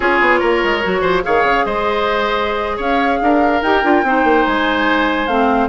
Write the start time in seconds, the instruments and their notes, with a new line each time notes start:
0.00 bassoon C#4, clarinet F4, oboe G#4, flute C#5
0.20 bassoon B3
0.39 bassoon A#3, oboe A#4
0.64 bassoon G#3
0.82 bassoon F#3, clarinet F#4
1.01 bassoon F3, oboe C5
1.23 bassoon D#3, clarinet G#4, oboe C#5, flute F5
1.43 bassoon C#3
1.65 bassoon G#3, oboe C5, flute D#5
2.76 bassoon C#4, oboe C#5, flute F5
3.21 bassoon D4, oboe A#4
3.62 bassoon D#4, clarinet G4, flute G5
3.83 bassoon D4, clarinet F4
4.03 bassoon C4, clarinet D#4, oboe C5
4.23 bassoon A#3
4.45 bassoon G#3, flute G#5
5.26 bassoon A3, clarinet C4, flute F5